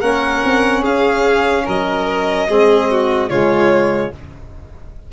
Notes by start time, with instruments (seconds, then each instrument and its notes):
0.00 tuba A#3, trombone C#4, violin A#4 F#5
0.45 tuba C4
0.81 tuba C#4, violin G#4 F5
1.65 tuba F#3, violin A#4 D#5
2.49 tuba G#3, trombone C4, violin G#4
2.90 violin F#4
3.29 tuba C#3, trombone G#3, violin F4 C#5